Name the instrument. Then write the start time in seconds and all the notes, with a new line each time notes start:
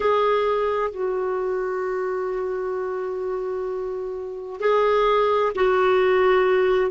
clarinet
0.00 G#4
0.91 F#4
4.60 G#4
5.55 F#4